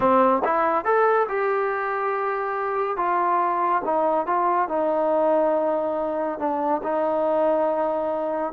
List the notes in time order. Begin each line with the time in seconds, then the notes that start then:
0.00 C4
0.44 E4
0.84 A4
1.28 G4
2.97 F4
3.85 D#4
4.26 F4
4.68 D#4
6.38 D4
6.83 D#4